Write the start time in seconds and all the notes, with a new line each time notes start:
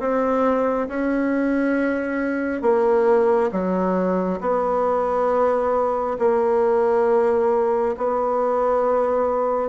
0.00 C4
0.88 C#4
2.62 A#3
3.52 F#3
4.41 B3
6.19 A#3
7.97 B3